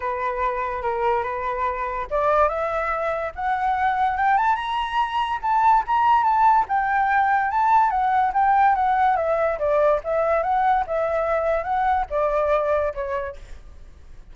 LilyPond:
\new Staff \with { instrumentName = "flute" } { \time 4/4 \tempo 4 = 144 b'2 ais'4 b'4~ | b'4 d''4 e''2 | fis''2 g''8 a''8 ais''4~ | ais''4 a''4 ais''4 a''4 |
g''2 a''4 fis''4 | g''4 fis''4 e''4 d''4 | e''4 fis''4 e''2 | fis''4 d''2 cis''4 | }